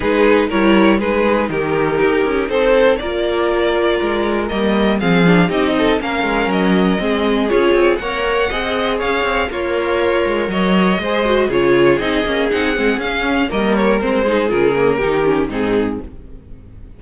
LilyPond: <<
  \new Staff \with { instrumentName = "violin" } { \time 4/4 \tempo 4 = 120 b'4 cis''4 b'4 ais'4~ | ais'4 c''4 d''2~ | d''4 dis''4 f''4 dis''4 | f''4 dis''2 cis''4 |
fis''2 f''4 cis''4~ | cis''4 dis''2 cis''4 | dis''4 fis''4 f''4 dis''8 cis''8 | c''4 ais'2 gis'4 | }
  \new Staff \with { instrumentName = "violin" } { \time 4/4 gis'4 ais'4 gis'4 g'4~ | g'4 a'4 ais'2~ | ais'2 gis'4 g'8 a'8 | ais'2 gis'2 |
cis''4 dis''4 cis''4 f'4~ | f'4 cis''4 c''4 gis'4~ | gis'2. ais'4~ | ais'8 gis'4. g'4 dis'4 | }
  \new Staff \with { instrumentName = "viola" } { \time 4/4 dis'4 e'4 dis'2~ | dis'2 f'2~ | f'4 ais4 c'8 d'8 dis'4 | cis'2 c'4 f'4 |
ais'4 gis'2 ais'4~ | ais'2 gis'8 fis'8 f'4 | dis'8 cis'8 dis'8 c'8 cis'4 ais4 | c'8 dis'8 f'8 ais8 dis'8 cis'8 c'4 | }
  \new Staff \with { instrumentName = "cello" } { \time 4/4 gis4 g4 gis4 dis4 | dis'8 cis'8 c'4 ais2 | gis4 g4 f4 c'4 | ais8 gis8 fis4 gis4 cis'8 c'8 |
ais4 c'4 cis'8 c'8 ais4~ | ais8 gis8 fis4 gis4 cis4 | c'8 ais8 c'8 gis8 cis'4 g4 | gis4 cis4 dis4 gis,4 | }
>>